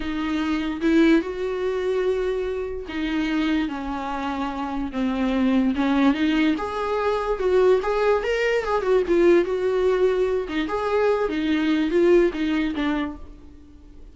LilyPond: \new Staff \with { instrumentName = "viola" } { \time 4/4 \tempo 4 = 146 dis'2 e'4 fis'4~ | fis'2. dis'4~ | dis'4 cis'2. | c'2 cis'4 dis'4 |
gis'2 fis'4 gis'4 | ais'4 gis'8 fis'8 f'4 fis'4~ | fis'4. dis'8 gis'4. dis'8~ | dis'4 f'4 dis'4 d'4 | }